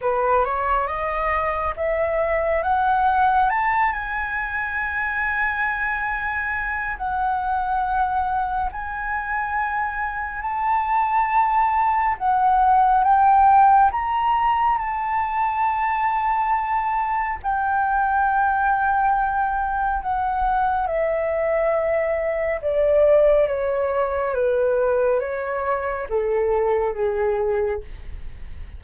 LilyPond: \new Staff \with { instrumentName = "flute" } { \time 4/4 \tempo 4 = 69 b'8 cis''8 dis''4 e''4 fis''4 | a''8 gis''2.~ gis''8 | fis''2 gis''2 | a''2 fis''4 g''4 |
ais''4 a''2. | g''2. fis''4 | e''2 d''4 cis''4 | b'4 cis''4 a'4 gis'4 | }